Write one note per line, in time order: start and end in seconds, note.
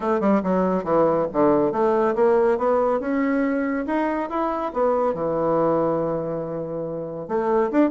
0.00 0.20 A3
0.20 0.41 G3
0.43 0.84 F#3
0.84 1.26 E3
1.32 1.72 D3
1.72 2.14 A3
2.15 2.58 A#3
2.58 3.00 B3
3.00 3.85 C#4
3.86 4.29 D#4
4.29 4.72 E4
4.73 5.14 B3
5.14 7.27 E3
7.27 7.70 A3
7.71 7.90 D4